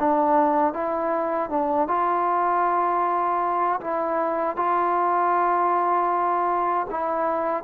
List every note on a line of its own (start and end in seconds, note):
0.00 0.74 D4
0.74 1.50 E4
1.50 1.88 D4
1.88 3.81 F4
3.81 4.57 E4
4.57 6.87 F4
6.91 7.64 E4